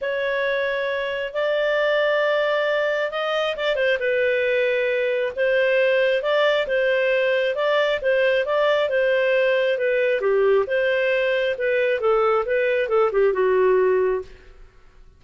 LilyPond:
\new Staff \with { instrumentName = "clarinet" } { \time 4/4 \tempo 4 = 135 cis''2. d''4~ | d''2. dis''4 | d''8 c''8 b'2. | c''2 d''4 c''4~ |
c''4 d''4 c''4 d''4 | c''2 b'4 g'4 | c''2 b'4 a'4 | b'4 a'8 g'8 fis'2 | }